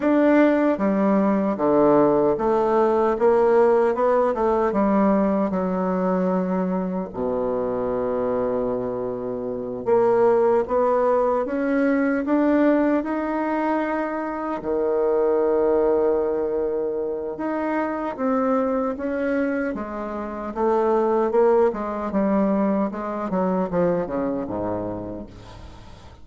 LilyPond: \new Staff \with { instrumentName = "bassoon" } { \time 4/4 \tempo 4 = 76 d'4 g4 d4 a4 | ais4 b8 a8 g4 fis4~ | fis4 b,2.~ | b,8 ais4 b4 cis'4 d'8~ |
d'8 dis'2 dis4.~ | dis2 dis'4 c'4 | cis'4 gis4 a4 ais8 gis8 | g4 gis8 fis8 f8 cis8 gis,4 | }